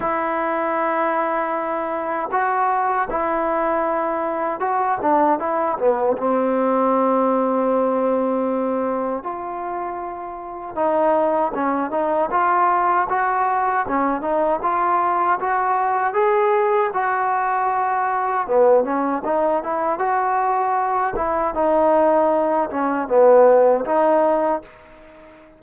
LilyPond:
\new Staff \with { instrumentName = "trombone" } { \time 4/4 \tempo 4 = 78 e'2. fis'4 | e'2 fis'8 d'8 e'8 b8 | c'1 | f'2 dis'4 cis'8 dis'8 |
f'4 fis'4 cis'8 dis'8 f'4 | fis'4 gis'4 fis'2 | b8 cis'8 dis'8 e'8 fis'4. e'8 | dis'4. cis'8 b4 dis'4 | }